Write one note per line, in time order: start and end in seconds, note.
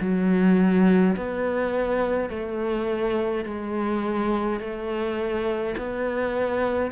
0.00 1.15 F#3
1.16 2.29 B3
2.29 3.45 A3
3.45 4.59 G#3
4.59 5.75 A3
5.77 6.91 B3